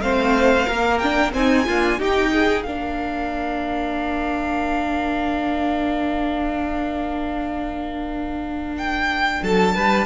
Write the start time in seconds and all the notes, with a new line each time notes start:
0.00 A3 C4 C5 F5
0.67 A#3 A#4
0.98 D4 G5
1.32 C4 D#4 G#5
1.66 A#3 D4 F4
1.99 D#4 G4 G5
2.33 G#4
2.63 A#3 D4 A#4 F5
8.78 G5
9.42 F#3 A4 A5
9.75 G3 B4